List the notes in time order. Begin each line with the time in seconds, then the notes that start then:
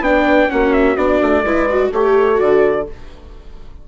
0.00 B3 D4 G5
0.07 B4
0.50 A#3 C#4 F#4 F#5
0.74 E5
0.97 B3 D4 D5
1.22 A3
1.44 G#3 E4 B4
1.69 F#4
1.90 A3 G4 A4 C#5
2.35 F#4 D5
2.42 D3